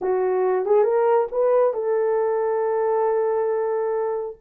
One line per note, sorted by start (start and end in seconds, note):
0.01 0.65 F#4
0.65 0.83 G#4
0.83 1.27 A#4
1.31 1.73 B4
1.73 4.36 A4